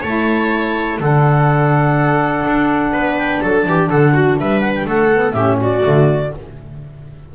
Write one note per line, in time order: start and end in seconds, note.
0.00 0.99 A3
0.00 1.00 E4
0.00 0.97 C#5
0.00 0.99 A5
0.99 2.44 D3
0.99 5.11 D4
0.99 2.93 A4
0.99 3.17 F#5
2.45 2.91 D4
2.91 3.40 B3
2.91 3.41 B4
3.17 3.40 G5
3.40 3.66 F#3
3.40 3.67 A4
3.40 3.89 A5
3.66 3.90 E3
3.66 3.90 G4
3.89 4.39 D3
3.89 4.13 A4
3.89 4.37 F#5
4.13 4.37 F#4
4.38 4.85 G3
4.38 4.86 B4
4.38 4.59 E5
4.59 4.72 F#5
4.75 4.87 G5
4.85 5.33 A3
4.85 5.34 A4
4.85 5.32 F#5
5.12 5.35 B3
5.32 5.82 A2
5.32 5.81 C#4
5.32 5.58 G4
5.32 5.56 E5
5.60 6.33 F#4
5.60 6.34 D5
5.81 6.34 D3
5.81 6.29 A3